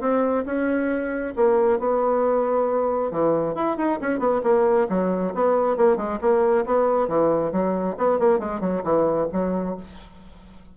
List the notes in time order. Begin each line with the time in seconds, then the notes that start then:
0.00 C4
0.45 C#4
1.36 A#3
1.79 B3
3.11 E3
3.55 E4
3.77 D#4
4.01 C#4
4.19 B3
4.43 A#3
4.89 F#3
5.34 B3
5.77 A#3
5.96 G#3
6.21 A#3
6.65 B3
7.08 E3
7.52 F#3
7.97 B3
8.19 A#3
8.39 G#3
8.60 F#3
8.83 E3
9.32 F#3